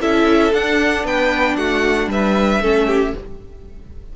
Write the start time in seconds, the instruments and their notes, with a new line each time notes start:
0.00 cello C#4, viola E4, violin A4 E5
0.52 cello D4, viola D4, violin F#5
1.04 cello B3, violin B4 G5
1.56 cello A3, violin F#4 F#5
2.07 cello G3, violin B4 E5
2.61 cello A3, viola C#4, violin A4
2.87 violin G4